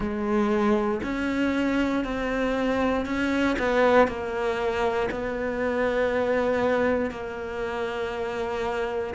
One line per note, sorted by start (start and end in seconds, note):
0.00 1.00 G#3
1.03 2.04 C#4
2.04 3.05 C4
3.05 3.56 C#4
3.58 4.07 B3
4.07 5.09 A#3
5.11 7.10 B3
7.10 9.14 A#3